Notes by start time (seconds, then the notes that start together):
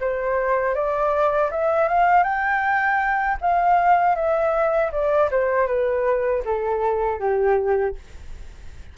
0.00 C5
0.74 D5
1.51 E5
1.88 F5
2.23 G5
3.41 F5
4.15 E5
4.91 D5
5.31 C5
5.67 B4
6.45 A4
7.19 G4